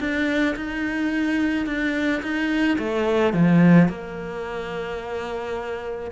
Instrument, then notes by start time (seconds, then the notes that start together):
cello
0.00 D4
0.56 D#4
1.66 D4
2.22 D#4
2.79 A3
3.34 F3
3.89 A#3